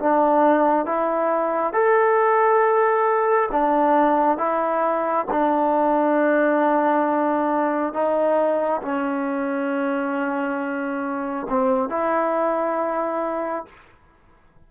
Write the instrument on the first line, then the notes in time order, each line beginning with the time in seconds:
trombone
0.00 D4
0.86 E4
1.74 A4
3.52 D4
4.38 E4
5.31 D4
7.94 D#4
8.82 C#4
11.50 C4
11.90 E4